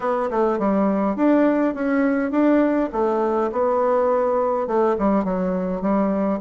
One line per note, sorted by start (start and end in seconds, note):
0.00 0.29 B3
0.30 0.58 A3
0.58 1.16 G3
1.16 1.74 D4
1.74 2.31 C#4
2.31 2.89 D4
2.92 3.50 A3
3.52 4.67 B3
4.67 4.96 A3
4.98 5.24 G3
5.24 5.81 F#3
5.81 6.39 G3